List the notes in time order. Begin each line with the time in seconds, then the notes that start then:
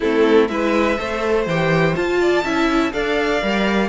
0.00 A3 C4 E4 A4
0.48 G#3 E4 B4 E5
0.97 A3 A4 C5
1.46 E3 G4 G5
1.95 F4 A5
2.20 D5
2.43 C#4 E4 E5
2.92 D4 A4 D5 F5
3.40 G3 A#4